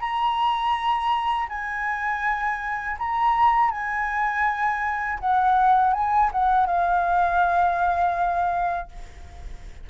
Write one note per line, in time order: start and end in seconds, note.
0.00 1.48 A#5
1.49 2.97 G#5
2.99 3.71 A#5
3.71 5.19 G#5
5.20 5.93 F#5
5.93 6.30 G#5
6.32 6.67 F#5
6.67 8.89 F5